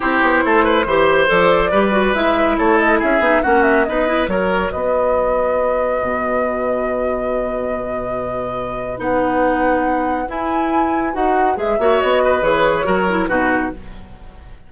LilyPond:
<<
  \new Staff \with { instrumentName = "flute" } { \time 4/4 \tempo 4 = 140 c''2. d''4~ | d''4 e''4 cis''8 dis''8 e''4 | fis''8 e''8 dis''4 cis''4 dis''4~ | dis''1~ |
dis''1~ | dis''4 fis''2. | gis''2 fis''4 e''4 | dis''4 cis''2 b'4 | }
  \new Staff \with { instrumentName = "oboe" } { \time 4/4 g'4 a'8 b'8 c''2 | b'2 a'4 gis'4 | fis'4 b'4 ais'4 b'4~ | b'1~ |
b'1~ | b'1~ | b'2.~ b'8 cis''8~ | cis''8 b'4. ais'4 fis'4 | }
  \new Staff \with { instrumentName = "clarinet" } { \time 4/4 e'2 g'4 a'4 | g'8 fis'8 e'2~ e'8 dis'8 | cis'4 dis'8 e'8 fis'2~ | fis'1~ |
fis'1~ | fis'4 dis'2. | e'2 fis'4 gis'8 fis'8~ | fis'4 gis'4 fis'8 e'8 dis'4 | }
  \new Staff \with { instrumentName = "bassoon" } { \time 4/4 c'8 b8 a4 e4 f4 | g4 gis4 a4 cis'8 b8 | ais4 b4 fis4 b4~ | b2 b,2~ |
b,1~ | b,4 b2. | e'2 dis'4 gis8 ais8 | b4 e4 fis4 b,4 | }
>>